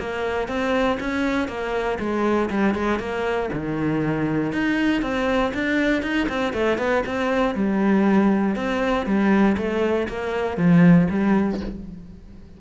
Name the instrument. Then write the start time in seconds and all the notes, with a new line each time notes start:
cello
0.00 A#3
0.49 C4
1.00 C#4
1.49 A#3
2.00 G#3
2.50 G3
2.75 G#3
3.00 A#3
3.53 D#3
4.53 D#4
5.03 C4
5.55 D4
6.03 D#4
6.29 C4
6.53 A3
6.78 B3
7.06 C4
7.55 G3
8.56 C4
9.07 G3
9.58 A3
10.09 A#3
10.58 F3
11.10 G3